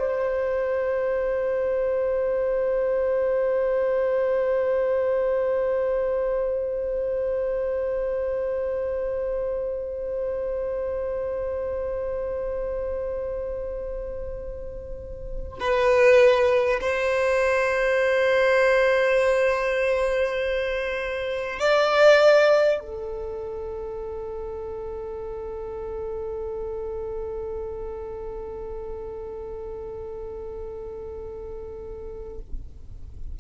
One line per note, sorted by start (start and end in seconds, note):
0.00 15.60 C5
15.60 16.80 B4
16.81 21.60 C5
21.60 22.80 D5
22.80 32.40 A4